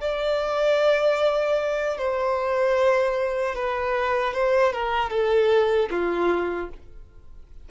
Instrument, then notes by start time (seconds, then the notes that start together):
violin
0.00 D5
1.97 C5
3.55 B4
4.33 C5
4.73 A#4
5.10 A4
5.90 F4